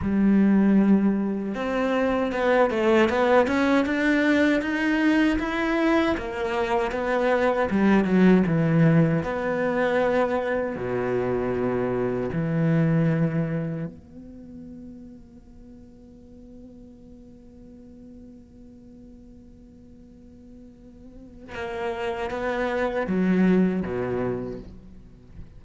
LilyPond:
\new Staff \with { instrumentName = "cello" } { \time 4/4 \tempo 4 = 78 g2 c'4 b8 a8 | b8 cis'8 d'4 dis'4 e'4 | ais4 b4 g8 fis8 e4 | b2 b,2 |
e2 b2~ | b1~ | b1 | ais4 b4 fis4 b,4 | }